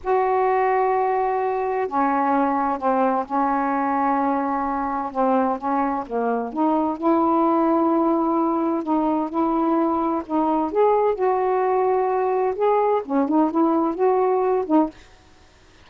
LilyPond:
\new Staff \with { instrumentName = "saxophone" } { \time 4/4 \tempo 4 = 129 fis'1 | cis'2 c'4 cis'4~ | cis'2. c'4 | cis'4 ais4 dis'4 e'4~ |
e'2. dis'4 | e'2 dis'4 gis'4 | fis'2. gis'4 | cis'8 dis'8 e'4 fis'4. dis'8 | }